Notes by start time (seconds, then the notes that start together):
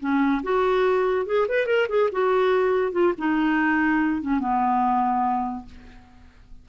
0.00 C#4
0.43 F#4
1.26 G#4
1.49 B4
1.66 A#4
1.89 G#4
2.12 F#4
2.92 F4
3.18 D#4
4.22 C#4
4.40 B3